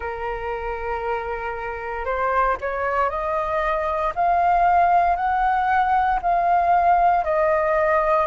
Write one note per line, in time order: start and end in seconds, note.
0.00 2.05 A#4
2.05 2.56 C5
2.61 3.09 C#5
3.09 4.13 D#5
4.15 5.16 F5
5.16 6.19 F#5
6.22 7.24 F5
7.24 8.26 D#5